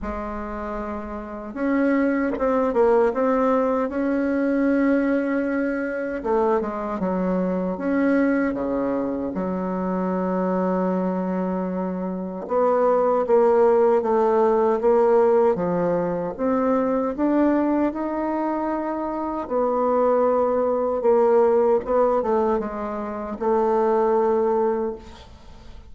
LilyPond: \new Staff \with { instrumentName = "bassoon" } { \time 4/4 \tempo 4 = 77 gis2 cis'4 c'8 ais8 | c'4 cis'2. | a8 gis8 fis4 cis'4 cis4 | fis1 |
b4 ais4 a4 ais4 | f4 c'4 d'4 dis'4~ | dis'4 b2 ais4 | b8 a8 gis4 a2 | }